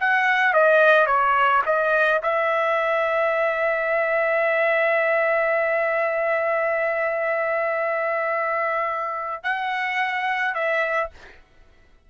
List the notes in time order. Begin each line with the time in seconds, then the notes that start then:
0.00 F#5
0.53 D#5
1.06 C#5
1.65 D#5
2.22 E5
9.43 F#5
10.54 E5